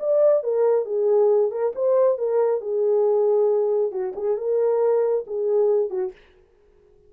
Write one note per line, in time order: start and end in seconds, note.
0.00 0.44 D5
0.44 0.86 A#4
0.86 1.51 G#4
1.51 1.73 A#4
1.76 2.19 C5
2.19 2.61 A#4
2.61 3.92 G#4
3.92 4.14 F#4
4.16 4.38 G#4
4.38 5.25 A#4
5.27 5.90 G#4
5.90 6.12 F#4